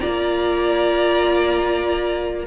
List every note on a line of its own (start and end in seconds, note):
0.00 2.47 A#3
0.00 2.47 F4
0.00 2.46 D5
0.00 2.45 A#5